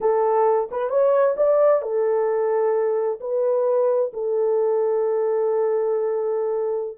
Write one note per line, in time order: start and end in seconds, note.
0.00 0.69 A4
0.71 0.89 B4
0.89 1.35 C#5
1.36 1.82 D5
1.82 3.19 A4
3.20 4.12 B4
4.13 6.98 A4